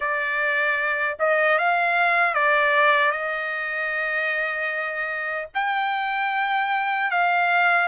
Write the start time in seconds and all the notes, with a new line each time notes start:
0.00 D5
1.19 D#5
1.58 F5
2.34 D5
3.11 D#5
5.54 G5
7.11 F5